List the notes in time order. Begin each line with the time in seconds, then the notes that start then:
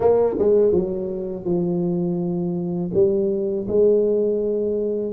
0.00 A#3
0.39 G#3
0.72 F#3
1.44 F3
2.93 G3
3.68 G#3